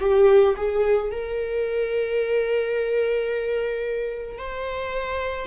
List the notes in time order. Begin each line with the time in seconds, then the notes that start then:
0.00 G4
0.57 G#4
1.12 A#4
4.38 C5